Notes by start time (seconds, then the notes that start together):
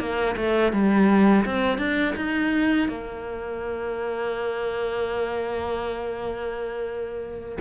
0.00 A#3
0.37 A3
0.73 G3
1.46 C4
1.79 D4
2.17 D#4
2.89 A#3